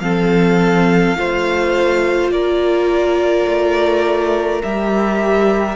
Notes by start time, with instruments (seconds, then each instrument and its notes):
0.00 cello F3, viola C4, violin A4 F5
1.16 cello A3, viola F4, violin C5
2.31 cello A#3, violin A#4 D5
3.47 cello A3
4.63 cello G3, viola G4, violin E5